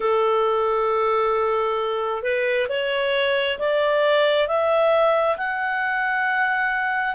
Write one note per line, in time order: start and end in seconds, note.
0.00 2.22 A4
2.22 2.67 B4
2.69 3.58 C#5
3.58 4.47 D5
4.47 5.36 E5
5.37 7.15 F#5